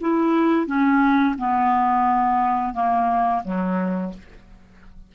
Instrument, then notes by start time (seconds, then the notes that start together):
clarinet
0.00 E4
0.66 C#4
1.38 B3
2.73 A#3
3.44 F#3